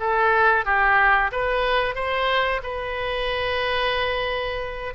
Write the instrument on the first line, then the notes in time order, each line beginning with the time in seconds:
oboe
0.00 A4
0.65 G4
1.32 B4
1.95 C5
2.63 B4